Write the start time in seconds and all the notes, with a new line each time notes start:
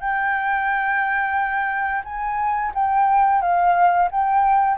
0.00 G5
2.04 G#5
2.74 G5
3.41 F5
4.11 G5